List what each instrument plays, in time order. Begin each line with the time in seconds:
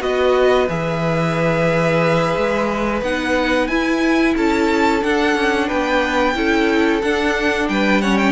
0.00 cello B3, viola F#4, violin B4 D#5
0.69 cello E3, viola G#4, violin E5
2.37 cello G#3
3.02 cello B3, viola D#4, violin F#5
3.67 cello E4, viola E4, violin G#5
4.37 cello C#4, violin A4 A5
5.01 viola D4, cello D4, violin F#5
5.35 cello C#4
5.67 cello B3, violin B4 G5
6.34 cello C#4, viola E4, violin A4
7.02 cello D4, viola D4, violin F#5
7.68 cello G3, violin B4 G5
8.02 viola C#4, violin C#5 F#5
8.17 violin G5